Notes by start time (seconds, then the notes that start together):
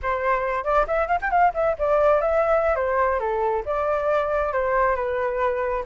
0.02 C5
0.64 D5
0.87 E5
1.07 F5
1.21 G5
1.30 F5
1.54 E5
1.78 D5
2.21 E5
2.75 C5
3.19 A4
3.65 D5
4.53 C5
4.95 B4